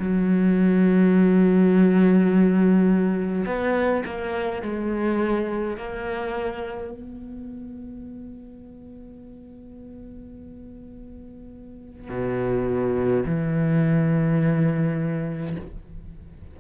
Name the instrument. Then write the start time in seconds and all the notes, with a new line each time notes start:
cello
0.00 F#3
3.46 B3
4.06 A#3
4.63 G#3
5.77 A#3
6.92 B3
12.09 B2
13.26 E3